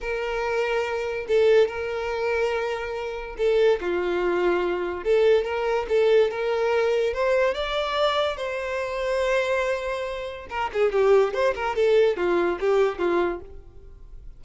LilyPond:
\new Staff \with { instrumentName = "violin" } { \time 4/4 \tempo 4 = 143 ais'2. a'4 | ais'1 | a'4 f'2. | a'4 ais'4 a'4 ais'4~ |
ais'4 c''4 d''2 | c''1~ | c''4 ais'8 gis'8 g'4 c''8 ais'8 | a'4 f'4 g'4 f'4 | }